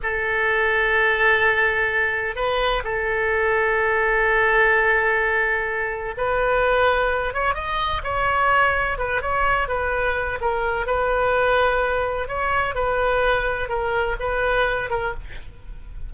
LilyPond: \new Staff \with { instrumentName = "oboe" } { \time 4/4 \tempo 4 = 127 a'1~ | a'4 b'4 a'2~ | a'1~ | a'4 b'2~ b'8 cis''8 |
dis''4 cis''2 b'8 cis''8~ | cis''8 b'4. ais'4 b'4~ | b'2 cis''4 b'4~ | b'4 ais'4 b'4. ais'8 | }